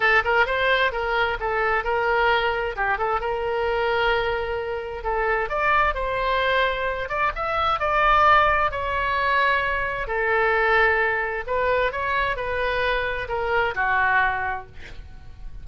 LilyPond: \new Staff \with { instrumentName = "oboe" } { \time 4/4 \tempo 4 = 131 a'8 ais'8 c''4 ais'4 a'4 | ais'2 g'8 a'8 ais'4~ | ais'2. a'4 | d''4 c''2~ c''8 d''8 |
e''4 d''2 cis''4~ | cis''2 a'2~ | a'4 b'4 cis''4 b'4~ | b'4 ais'4 fis'2 | }